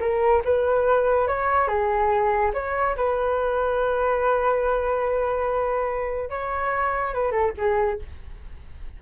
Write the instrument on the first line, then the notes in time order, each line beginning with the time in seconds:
flute
0.00 A#4
0.45 B4
1.27 C#5
1.68 G#4
2.54 C#5
2.96 B4
6.30 C#5
7.13 B4
7.31 A4
7.57 G#4